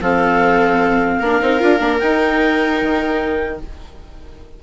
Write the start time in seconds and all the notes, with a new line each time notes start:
0.00 F3 C4 A4 F5
1.19 A#3 D4 A#4
1.42 C4 D#4
1.59 D4 F4
1.79 A#3 D4
1.98 D#4 G5
2.81 D#3